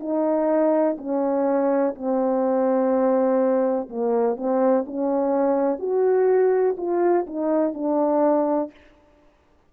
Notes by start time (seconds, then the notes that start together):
0.00 D#4
0.98 C#4
1.95 C4
3.89 A#3
4.37 C4
4.87 C#4
5.79 F#4
6.77 F4
7.27 D#4
7.74 D4